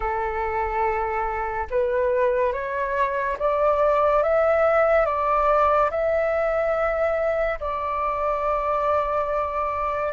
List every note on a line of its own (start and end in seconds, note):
0.00 1.67 A4
1.70 2.52 B4
2.52 3.37 C#5
3.38 4.23 D5
4.23 5.05 E5
5.05 5.90 D5
5.90 7.59 E5
7.59 10.13 D5